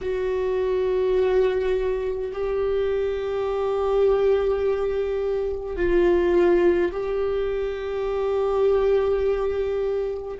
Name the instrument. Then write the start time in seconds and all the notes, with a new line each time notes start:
viola
0.01 F#4
2.32 G4
5.76 F4
6.92 G4